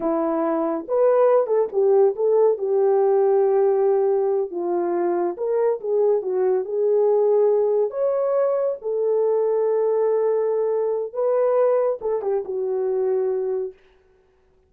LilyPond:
\new Staff \with { instrumentName = "horn" } { \time 4/4 \tempo 4 = 140 e'2 b'4. a'8 | g'4 a'4 g'2~ | g'2~ g'8 f'4.~ | f'8 ais'4 gis'4 fis'4 gis'8~ |
gis'2~ gis'8 cis''4.~ | cis''8 a'2.~ a'8~ | a'2 b'2 | a'8 g'8 fis'2. | }